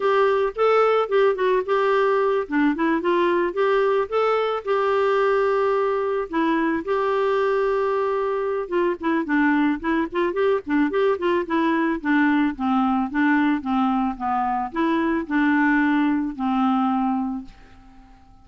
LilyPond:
\new Staff \with { instrumentName = "clarinet" } { \time 4/4 \tempo 4 = 110 g'4 a'4 g'8 fis'8 g'4~ | g'8 d'8 e'8 f'4 g'4 a'8~ | a'8 g'2. e'8~ | e'8 g'2.~ g'8 |
f'8 e'8 d'4 e'8 f'8 g'8 d'8 | g'8 f'8 e'4 d'4 c'4 | d'4 c'4 b4 e'4 | d'2 c'2 | }